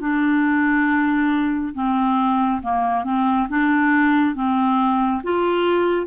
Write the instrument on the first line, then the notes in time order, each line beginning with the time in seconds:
clarinet
0.00 D4
1.74 C4
2.62 A#3
3.04 C4
3.49 D4
4.35 C4
5.23 F4